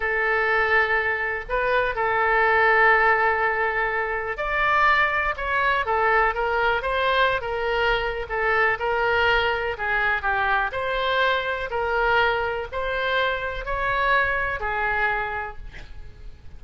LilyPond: \new Staff \with { instrumentName = "oboe" } { \time 4/4 \tempo 4 = 123 a'2. b'4 | a'1~ | a'4 d''2 cis''4 | a'4 ais'4 c''4~ c''16 ais'8.~ |
ais'4 a'4 ais'2 | gis'4 g'4 c''2 | ais'2 c''2 | cis''2 gis'2 | }